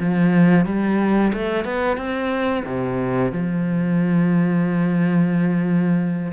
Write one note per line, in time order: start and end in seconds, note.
0.00 0.66 F3
0.66 1.32 G3
1.34 1.65 A3
1.65 1.97 B3
1.97 2.64 C4
2.66 3.32 C3
3.32 6.32 F3